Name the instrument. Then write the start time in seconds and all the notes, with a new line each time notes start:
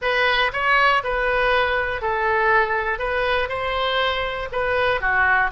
oboe
0.01 B4
0.52 C#5
1.03 B4
2.01 A4
2.98 B4
3.49 C5
4.52 B4
5.00 F#4